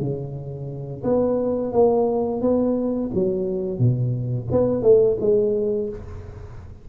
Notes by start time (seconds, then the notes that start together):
0.00 C#3
1.04 B3
1.72 A#3
2.41 B3
3.14 F#3
3.79 B2
4.51 B3
4.83 A3
5.20 G#3